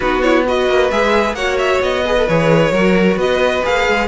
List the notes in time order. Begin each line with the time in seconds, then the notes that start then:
0.00 B3 D#4 F#4 B4
0.21 E4 C#5
0.46 F#4 B4 D#5
0.67 A#3
0.90 G#3 G#4 E5
1.33 A#3 F#4 C#5 F#5
1.58 E5
1.81 B3 D#5
2.05 G#4 B4
2.18 A4
2.27 E3 G#4 C#5
2.71 F#3 F#4 A#4
3.16 B3 B4 D#5
3.63 A#3 G#4 F5
3.87 G#3